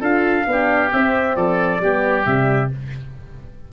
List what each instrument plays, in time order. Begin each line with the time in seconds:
0.00 tuba D4, horn F4, oboe A4, trumpet F5
0.46 tuba B3, horn D4, oboe G4
0.91 horn C4, tuba C4, trumpet E5
1.35 tuba F3, oboe A4, trumpet D5
1.80 tuba G3, horn B3, oboe G4
2.25 tuba C3, horn G3, trumpet E5